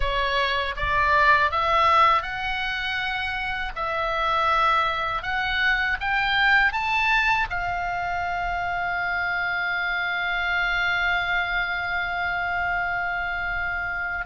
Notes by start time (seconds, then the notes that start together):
0.00 C#5
0.76 D5
1.51 E5
2.22 F#5
3.75 E5
5.22 F#5
6.00 G5
6.72 A5
7.50 F5